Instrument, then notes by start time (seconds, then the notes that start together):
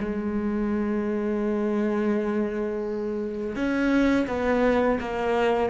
cello
0.00 G#3
3.55 C#4
4.27 B3
5.00 A#3